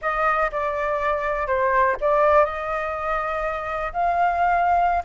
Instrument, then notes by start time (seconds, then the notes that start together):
flute
0.01 D#5
0.51 D5
1.47 C5
2.00 D5
2.45 D#5
3.93 F5